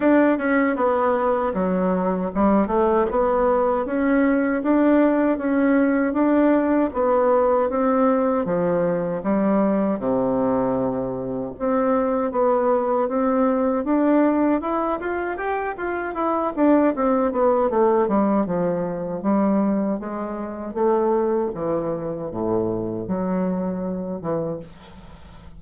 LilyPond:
\new Staff \with { instrumentName = "bassoon" } { \time 4/4 \tempo 4 = 78 d'8 cis'8 b4 fis4 g8 a8 | b4 cis'4 d'4 cis'4 | d'4 b4 c'4 f4 | g4 c2 c'4 |
b4 c'4 d'4 e'8 f'8 | g'8 f'8 e'8 d'8 c'8 b8 a8 g8 | f4 g4 gis4 a4 | e4 a,4 fis4. e8 | }